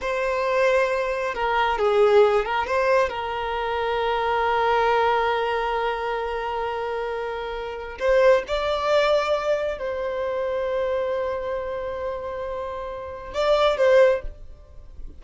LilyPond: \new Staff \with { instrumentName = "violin" } { \time 4/4 \tempo 4 = 135 c''2. ais'4 | gis'4. ais'8 c''4 ais'4~ | ais'1~ | ais'1~ |
ais'2 c''4 d''4~ | d''2 c''2~ | c''1~ | c''2 d''4 c''4 | }